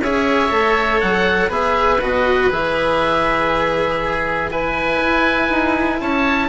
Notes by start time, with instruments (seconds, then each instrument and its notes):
0.00 bassoon C#4, cello G#4, oboe C#5 E5
0.49 bassoon A3, cello A4
1.00 bassoon F#3, oboe F#5
1.49 bassoon B3, cello G#4, oboe B4 E5
2.01 bassoon B2, cello F#4, oboe D#5
2.51 bassoon E3, cello G#4, oboe E5
4.01 oboe G#4
4.51 cello E4, oboe B4 G#5
5.01 bassoon E4
5.49 bassoon D#4
6.00 bassoon C#4, oboe C#5 A5